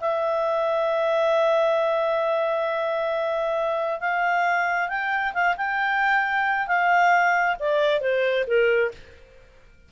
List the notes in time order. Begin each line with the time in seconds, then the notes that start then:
0.00 E5
4.00 F5
4.88 G5
5.34 F5
5.57 G5
6.67 F5
7.59 D5
8.01 C5
8.47 A#4